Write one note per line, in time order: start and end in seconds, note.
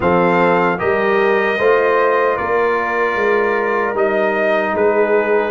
0.00 0.78 F3
0.00 0.78 C4
0.00 0.79 A4
0.00 0.79 F5
0.78 1.58 G3
0.78 1.57 G4
0.78 1.57 A#4
0.78 2.37 D#5
1.57 2.37 A3
1.57 3.94 F4
1.57 2.36 C5
2.36 3.15 A#3
2.36 4.73 A#4
2.36 3.95 D5
3.15 3.93 G#3
3.93 4.72 G3
3.93 5.51 D#4
3.93 4.75 D#5
4.73 5.51 G#3
4.73 5.51 G#4
4.73 5.51 B4